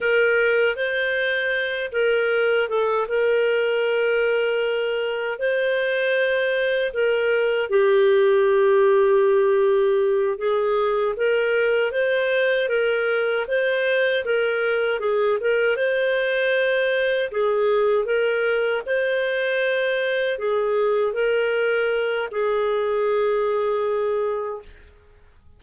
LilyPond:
\new Staff \with { instrumentName = "clarinet" } { \time 4/4 \tempo 4 = 78 ais'4 c''4. ais'4 a'8 | ais'2. c''4~ | c''4 ais'4 g'2~ | g'4. gis'4 ais'4 c''8~ |
c''8 ais'4 c''4 ais'4 gis'8 | ais'8 c''2 gis'4 ais'8~ | ais'8 c''2 gis'4 ais'8~ | ais'4 gis'2. | }